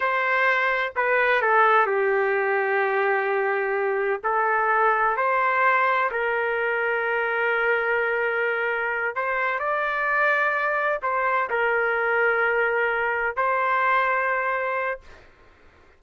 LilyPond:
\new Staff \with { instrumentName = "trumpet" } { \time 4/4 \tempo 4 = 128 c''2 b'4 a'4 | g'1~ | g'4 a'2 c''4~ | c''4 ais'2.~ |
ais'2.~ ais'8 c''8~ | c''8 d''2. c''8~ | c''8 ais'2.~ ais'8~ | ais'8 c''2.~ c''8 | }